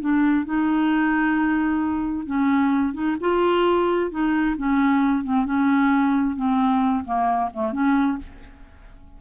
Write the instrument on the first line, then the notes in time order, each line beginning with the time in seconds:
clarinet
0.00 D4
0.45 D#4
2.25 C#4
2.93 D#4
3.20 F4
4.10 D#4
4.57 C#4
5.23 C4
5.45 C#4
6.36 C4
7.04 A#3
7.53 A3
7.72 C#4